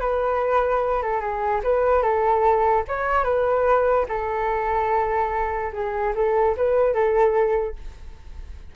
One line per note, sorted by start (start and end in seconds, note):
0.00 1.02 B4
1.02 1.20 A4
1.20 1.61 G#4
1.63 2.02 B4
2.02 2.84 A4
2.88 3.24 C#5
3.24 4.06 B4
4.08 5.71 A4
5.73 6.13 G#4
6.15 6.56 A4
6.56 6.94 B4
6.94 7.75 A4